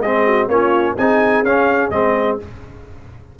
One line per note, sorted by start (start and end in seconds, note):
0.00 0.47 G#3
0.00 0.50 C4
0.00 0.26 G#4
0.00 0.48 D#5
0.26 0.50 F#4
0.48 0.95 A#3
0.48 0.97 C#4
0.48 0.96 F4
0.48 0.96 C#5
0.96 1.43 C4
0.96 1.45 D#4
0.96 2.38 G#4
0.96 1.44 G#5
1.43 1.90 C#4
1.43 1.92 C#4
1.43 1.90 F5
1.90 2.38 G#3
1.90 2.39 C4
1.90 2.38 D#5